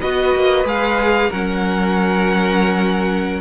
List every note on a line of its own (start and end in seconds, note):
0.00 0.35 B3
0.00 0.64 F#4
0.00 1.29 B4
0.00 0.65 D#5
0.35 0.64 A#3
0.64 1.29 G#3
0.64 1.30 G#4
0.64 1.32 F5
1.29 3.41 F#3
1.29 3.41 C#4
1.29 3.41 A#4
1.29 3.41 F#5